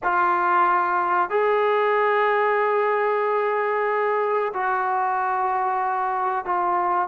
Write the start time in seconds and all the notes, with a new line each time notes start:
0.03 F4
1.30 G#4
4.53 F#4
6.45 F4